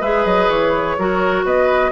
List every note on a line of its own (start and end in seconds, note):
0.00 0.25 G#3
0.00 0.98 G#4
0.00 0.96 B4
0.00 0.25 E5
0.25 0.48 F#3
0.25 0.49 D#5
0.48 0.96 E3
0.48 1.45 C#5
0.98 1.44 F#3
0.98 1.91 F#4
0.98 1.45 A#4
1.44 1.91 B3
1.44 1.91 B4
1.44 1.91 D#5